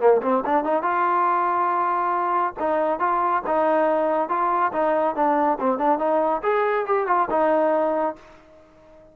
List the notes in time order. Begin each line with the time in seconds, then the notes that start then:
0.00 A#3
0.22 C4
0.46 D4
0.64 D#4
0.83 F4
2.59 D#4
3.00 F4
3.47 D#4
4.29 F4
4.73 D#4
5.16 D4
5.60 C4
5.79 D4
5.99 D#4
6.43 G#4
6.86 G4
7.07 F4
7.30 D#4